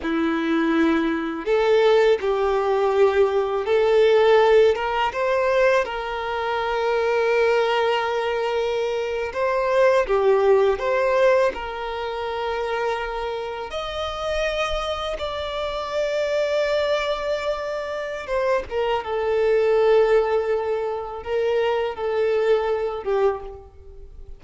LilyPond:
\new Staff \with { instrumentName = "violin" } { \time 4/4 \tempo 4 = 82 e'2 a'4 g'4~ | g'4 a'4. ais'8 c''4 | ais'1~ | ais'8. c''4 g'4 c''4 ais'16~ |
ais'2~ ais'8. dis''4~ dis''16~ | dis''8. d''2.~ d''16~ | d''4 c''8 ais'8 a'2~ | a'4 ais'4 a'4. g'8 | }